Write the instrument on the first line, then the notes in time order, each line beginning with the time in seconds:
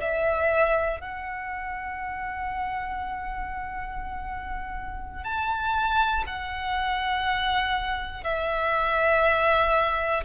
violin
0.00 E5
1.00 F#5
5.24 A5
6.26 F#5
8.24 E5